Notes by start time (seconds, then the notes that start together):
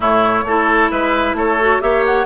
0.00 A2 A3 E4 C#5
0.44 A3 E4 A4
0.90 G#3 B4 E5
1.33 A3 A4 C#5
1.61 F#4
1.80 A#3 G4 C#5 E5
2.05 F#5